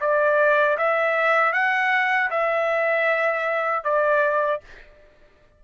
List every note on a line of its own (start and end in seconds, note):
0.00 0.77 D5
0.77 1.52 E5
1.52 2.29 F#5
2.30 3.84 E5
3.84 4.60 D5